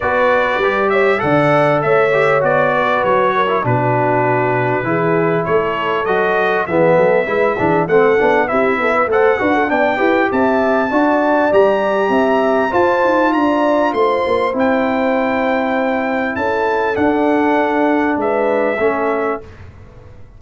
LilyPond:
<<
  \new Staff \with { instrumentName = "trumpet" } { \time 4/4 \tempo 4 = 99 d''4. e''8 fis''4 e''4 | d''4 cis''4 b'2~ | b'4 cis''4 dis''4 e''4~ | e''4 fis''4 e''4 fis''4 |
g''4 a''2 ais''4~ | ais''4 a''4 ais''4 c'''4 | g''2. a''4 | fis''2 e''2 | }
  \new Staff \with { instrumentName = "horn" } { \time 4/4 b'4. cis''8 d''4 cis''4~ | cis''8 b'4 ais'8 fis'2 | gis'4 a'2 gis'8 a'8 | b'8 gis'8 a'4 g'8 a'16 b'16 c''8 b'16 a'16 |
d''8 b'8 e''4 d''2 | e''4 c''4 d''4 c''4~ | c''2. a'4~ | a'2 b'4 a'4 | }
  \new Staff \with { instrumentName = "trombone" } { \time 4/4 fis'4 g'4 a'4. g'8 | fis'4.~ fis'16 e'16 d'2 | e'2 fis'4 b4 | e'8 d'8 c'8 d'8 e'4 a'8 fis'8 |
d'8 g'4. fis'4 g'4~ | g'4 f'2. | e'1 | d'2. cis'4 | }
  \new Staff \with { instrumentName = "tuba" } { \time 4/4 b4 g4 d4 a4 | b4 fis4 b,2 | e4 a4 fis4 e8 fis8 | gis8 e8 a8 b8 c'8 b8 a8 d'8 |
b8 e'8 c'4 d'4 g4 | c'4 f'8 dis'8 d'4 a8 ais8 | c'2. cis'4 | d'2 gis4 a4 | }
>>